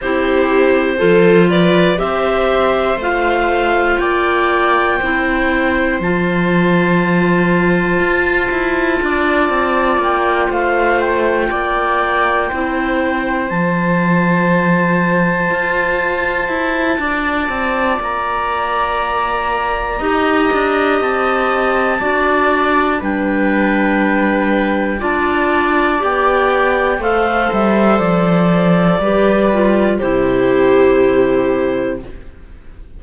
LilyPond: <<
  \new Staff \with { instrumentName = "clarinet" } { \time 4/4 \tempo 4 = 60 c''4. d''8 e''4 f''4 | g''2 a''2~ | a''2 g''8 f''8 g''4~ | g''4. a''2~ a''8~ |
a''2 ais''2~ | ais''4 a''2 g''4~ | g''4 a''4 g''4 f''8 e''8 | d''2 c''2 | }
  \new Staff \with { instrumentName = "viola" } { \time 4/4 g'4 a'8 b'8 c''2 | d''4 c''2.~ | c''4 d''4. c''4 d''8~ | d''8 c''2.~ c''8~ |
c''4 d''2. | dis''2 d''4 b'4~ | b'4 d''2 c''4~ | c''4 b'4 g'2 | }
  \new Staff \with { instrumentName = "clarinet" } { \time 4/4 e'4 f'4 g'4 f'4~ | f'4 e'4 f'2~ | f'1~ | f'8 e'4 f'2~ f'8~ |
f'1 | g'2 fis'4 d'4~ | d'4 f'4 g'4 a'4~ | a'4 g'8 f'8 e'2 | }
  \new Staff \with { instrumentName = "cello" } { \time 4/4 c'4 f4 c'4 a4 | ais4 c'4 f2 | f'8 e'8 d'8 c'8 ais8 a4 ais8~ | ais8 c'4 f2 f'8~ |
f'8 e'8 d'8 c'8 ais2 | dis'8 d'8 c'4 d'4 g4~ | g4 d'4 b4 a8 g8 | f4 g4 c2 | }
>>